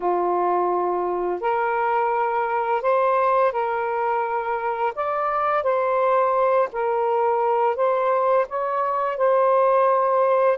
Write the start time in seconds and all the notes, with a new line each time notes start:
0.00 F4
1.40 A#4
2.81 C5
3.52 A#4
4.95 D5
5.63 C5
6.72 A#4
7.76 C5
8.48 C#5
9.17 C5